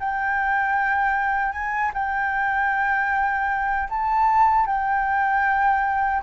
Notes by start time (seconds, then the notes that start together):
0.00 G5
1.52 G#5
1.94 G5
3.89 A5
4.66 G5